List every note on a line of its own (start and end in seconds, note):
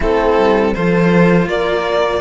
0.00 0.36 A3
0.00 0.75 C4
0.00 0.74 E4
0.00 0.73 A4
0.38 0.75 G3
0.73 1.46 F3
0.73 2.20 F4
0.73 1.48 A4
0.73 1.48 C5
1.46 2.20 A#3
1.46 2.20 A#4
1.46 2.20 D5